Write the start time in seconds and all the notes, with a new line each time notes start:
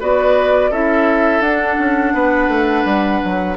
0.00 B3 F#4 B4 D5
0.70 C#4 E4 A4 E5
1.40 D4 F#5
1.79 C#4
2.14 B3 B4
2.48 A3
2.85 G3
3.25 F#3